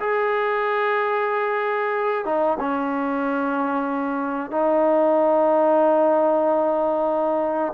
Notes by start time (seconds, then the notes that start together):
0.00 G#4
2.26 D#4
2.60 C#4
4.51 D#4